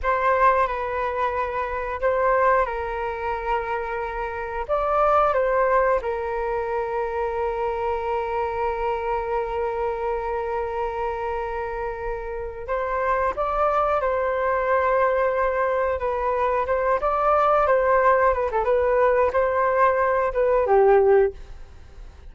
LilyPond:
\new Staff \with { instrumentName = "flute" } { \time 4/4 \tempo 4 = 90 c''4 b'2 c''4 | ais'2. d''4 | c''4 ais'2.~ | ais'1~ |
ais'2. c''4 | d''4 c''2. | b'4 c''8 d''4 c''4 b'16 a'16 | b'4 c''4. b'8 g'4 | }